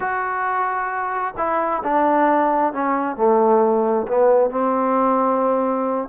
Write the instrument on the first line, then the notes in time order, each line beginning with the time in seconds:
trombone
0.00 F#4
1.37 E4
1.83 D4
2.73 C#4
3.16 A3
4.07 B3
4.50 C4